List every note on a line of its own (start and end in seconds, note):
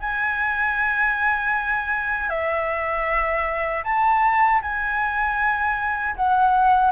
0.00 2.30 G#5
2.30 3.84 E5
3.84 4.61 A5
4.62 6.16 G#5
6.16 6.92 F#5